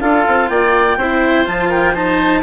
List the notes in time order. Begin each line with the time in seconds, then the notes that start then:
0.00 D4 F4 A4 F5
0.27 C4
0.49 A#3 D5 G5
0.97 C4 E4 C5
1.45 F3 F4 A5
1.69 A#4 G5
1.94 D#4 C5 A5